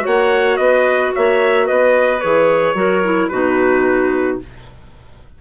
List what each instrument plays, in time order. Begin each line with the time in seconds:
0.00 clarinet F#4 C#5
0.06 bassoon A#3, trumpet F#5
0.57 bassoon B3, clarinet B4, trumpet D#5
1.15 bassoon A#3, clarinet C#5, trumpet E5
1.66 bassoon B3, clarinet B4, trumpet D#5
2.20 bassoon E3, clarinet G#4, trumpet C#5
2.74 bassoon F#3, clarinet F#4 A#4
3.04 clarinet E4
3.28 bassoon B2, clarinet D#4 F#4, trumpet B4